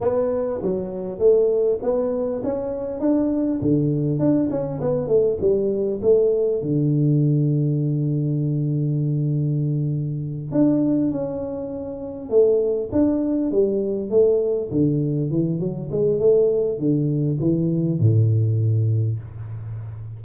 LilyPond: \new Staff \with { instrumentName = "tuba" } { \time 4/4 \tempo 4 = 100 b4 fis4 a4 b4 | cis'4 d'4 d4 d'8 cis'8 | b8 a8 g4 a4 d4~ | d1~ |
d4. d'4 cis'4.~ | cis'8 a4 d'4 g4 a8~ | a8 d4 e8 fis8 gis8 a4 | d4 e4 a,2 | }